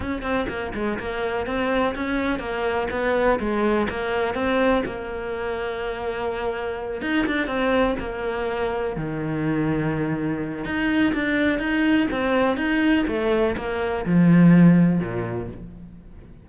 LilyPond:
\new Staff \with { instrumentName = "cello" } { \time 4/4 \tempo 4 = 124 cis'8 c'8 ais8 gis8 ais4 c'4 | cis'4 ais4 b4 gis4 | ais4 c'4 ais2~ | ais2~ ais8 dis'8 d'8 c'8~ |
c'8 ais2 dis4.~ | dis2 dis'4 d'4 | dis'4 c'4 dis'4 a4 | ais4 f2 ais,4 | }